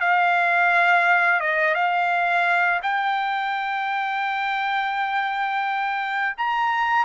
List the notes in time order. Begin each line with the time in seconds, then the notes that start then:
0.00 F5
1.40 D#5
1.74 F5
2.82 G5
6.37 A#5